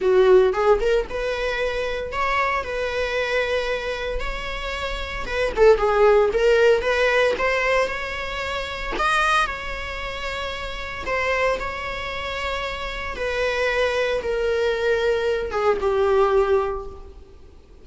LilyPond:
\new Staff \with { instrumentName = "viola" } { \time 4/4 \tempo 4 = 114 fis'4 gis'8 ais'8 b'2 | cis''4 b'2. | cis''2 b'8 a'8 gis'4 | ais'4 b'4 c''4 cis''4~ |
cis''4 dis''4 cis''2~ | cis''4 c''4 cis''2~ | cis''4 b'2 ais'4~ | ais'4. gis'8 g'2 | }